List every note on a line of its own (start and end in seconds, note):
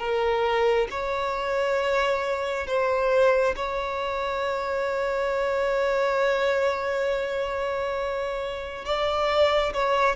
0.00 0.88 A#4
0.91 2.67 C#5
2.67 3.55 C5
3.56 8.85 C#5
8.85 9.73 D5
9.74 10.16 C#5